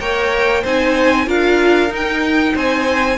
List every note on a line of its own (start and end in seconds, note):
0.00 0.64 A#3
0.00 0.65 A#4
0.00 0.62 C#5
0.00 0.64 G5
0.62 1.27 C4
0.62 1.27 D#4
0.62 1.26 C5
0.62 1.28 G#5
1.26 1.90 D4
1.26 1.88 F4
1.26 2.53 A#4
1.26 1.92 F5
1.88 3.16 D#4
1.88 2.53 D#4
1.95 2.57 G5
2.54 3.18 C4
2.54 3.18 C5
2.54 3.18 G#5